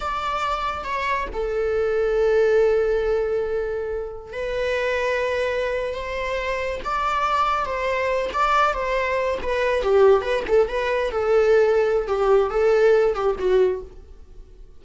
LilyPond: \new Staff \with { instrumentName = "viola" } { \time 4/4 \tempo 4 = 139 d''2 cis''4 a'4~ | a'1~ | a'2 b'2~ | b'4.~ b'16 c''2 d''16~ |
d''4.~ d''16 c''4. d''8.~ | d''16 c''4. b'4 g'4 b'16~ | b'16 a'8 b'4 a'2~ a'16 | g'4 a'4. g'8 fis'4 | }